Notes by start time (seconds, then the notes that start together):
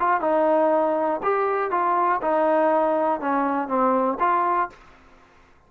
0.00 F4
0.21 D#4
1.23 G4
1.71 F4
2.22 D#4
3.21 C#4
3.68 C4
4.20 F4